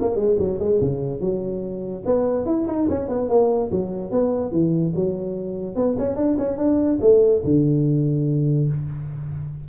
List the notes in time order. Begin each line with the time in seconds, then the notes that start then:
0.00 A#3
0.15 G#3
0.39 F#3
0.59 G#3
0.80 C#3
1.20 F#3
2.05 B3
2.45 E4
2.67 D#4
2.89 C#4
3.08 B3
3.29 A#3
3.71 F#3
4.11 B3
4.51 E3
4.95 F#3
5.75 B3
5.98 C#4
6.16 D4
6.38 C#4
6.57 D4
7.01 A3
7.44 D3